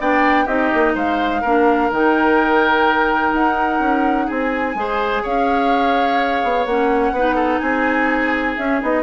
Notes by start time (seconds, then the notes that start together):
0.00 B3 D4 D5 G5
0.45 C4 D#4 G4 D#5
0.74 A#3
0.95 G#3 C5 F5
1.42 A#3 D4 A#4
1.91 D#3 D#4 G5
3.33 D#4 F#5
3.80 C#4
4.27 C4 G#4 G#5
4.75 G#3 G#4 C5
5.23 C#4 C#5 F5
6.43 B3
6.66 A#3 C#4 F#5
7.12 B3 D#4 B4
7.36 A4
7.59 C4 G#4 G#5
8.57 C#4 E5
8.81 B3 D#4 D#5